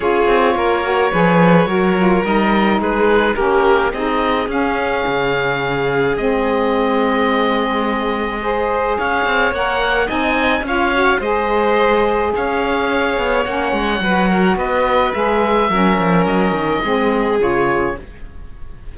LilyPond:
<<
  \new Staff \with { instrumentName = "oboe" } { \time 4/4 \tempo 4 = 107 cis''1 | dis''4 b'4 ais'4 dis''4 | f''2. dis''4~ | dis''1 |
f''4 fis''4 gis''4 f''4 | dis''2 f''2 | fis''2 dis''4 e''4~ | e''4 dis''2 cis''4 | }
  \new Staff \with { instrumentName = "violin" } { \time 4/4 gis'4 ais'4 b'4 ais'4~ | ais'4 gis'4 g'4 gis'4~ | gis'1~ | gis'2. c''4 |
cis''2 dis''4 cis''4 | c''2 cis''2~ | cis''4 b'8 ais'8 b'2 | ais'2 gis'2 | }
  \new Staff \with { instrumentName = "saxophone" } { \time 4/4 f'4. fis'8 gis'4 fis'8 f'8 | dis'2 cis'4 dis'4 | cis'2. c'4~ | c'2. gis'4~ |
gis'4 ais'4 dis'4 f'8 fis'8 | gis'1 | cis'4 fis'2 gis'4 | cis'2 c'4 f'4 | }
  \new Staff \with { instrumentName = "cello" } { \time 4/4 cis'8 c'8 ais4 f4 fis4 | g4 gis4 ais4 c'4 | cis'4 cis2 gis4~ | gis1 |
cis'8 c'8 ais4 c'4 cis'4 | gis2 cis'4. b8 | ais8 gis8 fis4 b4 gis4 | fis8 f8 fis8 dis8 gis4 cis4 | }
>>